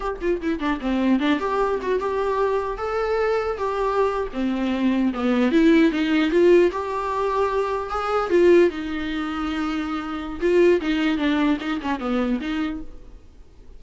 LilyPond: \new Staff \with { instrumentName = "viola" } { \time 4/4 \tempo 4 = 150 g'8 f'8 e'8 d'8 c'4 d'8 g'8~ | g'8 fis'8 g'2 a'4~ | a'4 g'4.~ g'16 c'4~ c'16~ | c'8. b4 e'4 dis'4 f'16~ |
f'8. g'2. gis'16~ | gis'8. f'4 dis'2~ dis'16~ | dis'2 f'4 dis'4 | d'4 dis'8 cis'8 b4 dis'4 | }